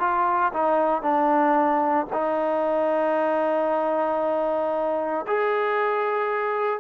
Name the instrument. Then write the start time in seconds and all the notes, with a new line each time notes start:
trombone
0.00 F4
0.53 D#4
1.02 D4
2.13 D#4
5.27 G#4